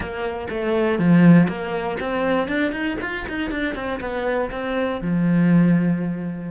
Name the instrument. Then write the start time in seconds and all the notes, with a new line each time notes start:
cello
0.00 A#3
0.49 A3
0.98 F3
1.47 A#3
2.00 C4
2.48 D4
2.72 D#4
3.01 F4
3.28 D#4
3.50 D4
3.75 C4
4.00 B3
4.50 C4
5.01 F3